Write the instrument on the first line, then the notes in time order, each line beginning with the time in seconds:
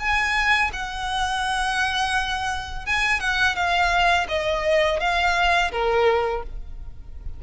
violin
0.00 G#5
0.73 F#5
2.86 G#5
3.20 F#5
3.56 F5
4.29 D#5
5.00 F5
5.72 A#4